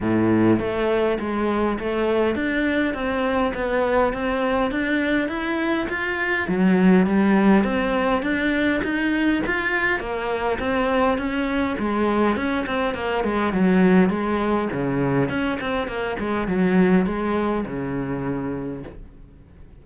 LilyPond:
\new Staff \with { instrumentName = "cello" } { \time 4/4 \tempo 4 = 102 a,4 a4 gis4 a4 | d'4 c'4 b4 c'4 | d'4 e'4 f'4 fis4 | g4 c'4 d'4 dis'4 |
f'4 ais4 c'4 cis'4 | gis4 cis'8 c'8 ais8 gis8 fis4 | gis4 cis4 cis'8 c'8 ais8 gis8 | fis4 gis4 cis2 | }